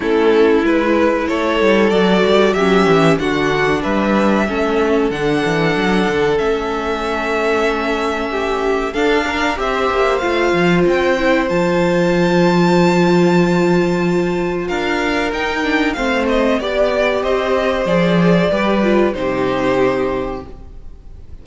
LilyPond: <<
  \new Staff \with { instrumentName = "violin" } { \time 4/4 \tempo 4 = 94 a'4 b'4 cis''4 d''4 | e''4 fis''4 e''2 | fis''2 e''2~ | e''2 f''4 e''4 |
f''4 g''4 a''2~ | a''2. f''4 | g''4 f''8 dis''8 d''4 dis''4 | d''2 c''2 | }
  \new Staff \with { instrumentName = "violin" } { \time 4/4 e'2 a'2 | g'4 fis'4 b'4 a'4~ | a'1~ | a'4 g'4 a'8 ais'8 c''4~ |
c''1~ | c''2. ais'4~ | ais'4 c''4 d''4 c''4~ | c''4 b'4 g'2 | }
  \new Staff \with { instrumentName = "viola" } { \time 4/4 cis'4 e'2 fis'4 | cis'4 d'2 cis'4 | d'2 cis'2~ | cis'2 d'4 g'4 |
f'4. e'8 f'2~ | f'1 | dis'8 d'8 c'4 g'2 | gis'4 g'8 f'8 dis'2 | }
  \new Staff \with { instrumentName = "cello" } { \time 4/4 a4 gis4 a8 g8 fis8 g8 | fis8 e8 d4 g4 a4 | d8 e8 fis8 d8 a2~ | a2 d'4 c'8 ais8 |
a8 f8 c'4 f2~ | f2. d'4 | dis'4 a4 b4 c'4 | f4 g4 c2 | }
>>